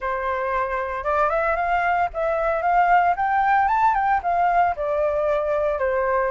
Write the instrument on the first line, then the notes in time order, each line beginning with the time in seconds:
flute
0.00 C5
1.04 D5
1.29 E5
1.56 F5
2.13 E5
2.62 F5
3.16 G5
3.68 A5
3.94 G5
4.22 F5
4.76 D5
5.78 C5